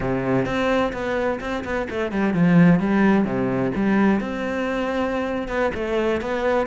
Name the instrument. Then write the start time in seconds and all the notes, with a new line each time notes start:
cello
0.00 C3
0.45 C4
0.92 B3
1.40 C4
1.64 B3
1.90 A3
2.11 G3
2.33 F3
2.79 G3
3.25 C3
3.75 G3
4.20 C4
5.48 B3
5.74 A3
6.21 B3